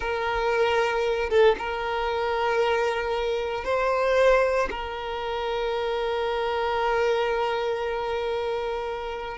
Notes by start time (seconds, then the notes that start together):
0.00 A#4
1.29 A4
1.58 A#4
3.64 C5
4.70 A#4